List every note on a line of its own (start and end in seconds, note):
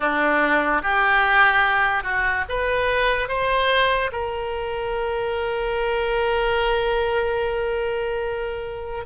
0.00 0.82 D4
0.82 2.03 G4
2.03 2.44 F#4
2.48 3.28 B4
3.28 4.10 C5
4.11 9.04 A#4